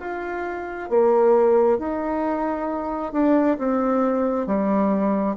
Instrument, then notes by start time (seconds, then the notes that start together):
bassoon
0.00 F4
0.89 A#3
1.78 D#4
3.12 D4
3.58 C4
4.47 G3